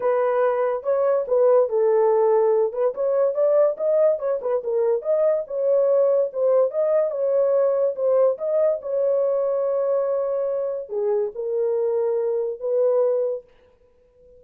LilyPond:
\new Staff \with { instrumentName = "horn" } { \time 4/4 \tempo 4 = 143 b'2 cis''4 b'4 | a'2~ a'8 b'8 cis''4 | d''4 dis''4 cis''8 b'8 ais'4 | dis''4 cis''2 c''4 |
dis''4 cis''2 c''4 | dis''4 cis''2.~ | cis''2 gis'4 ais'4~ | ais'2 b'2 | }